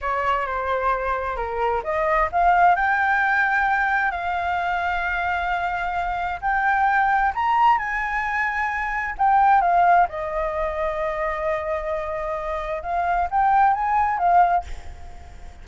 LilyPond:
\new Staff \with { instrumentName = "flute" } { \time 4/4 \tempo 4 = 131 cis''4 c''2 ais'4 | dis''4 f''4 g''2~ | g''4 f''2.~ | f''2 g''2 |
ais''4 gis''2. | g''4 f''4 dis''2~ | dis''1 | f''4 g''4 gis''4 f''4 | }